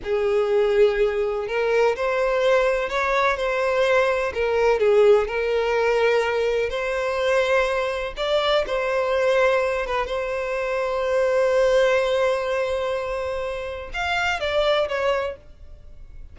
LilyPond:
\new Staff \with { instrumentName = "violin" } { \time 4/4 \tempo 4 = 125 gis'2. ais'4 | c''2 cis''4 c''4~ | c''4 ais'4 gis'4 ais'4~ | ais'2 c''2~ |
c''4 d''4 c''2~ | c''8 b'8 c''2.~ | c''1~ | c''4 f''4 d''4 cis''4 | }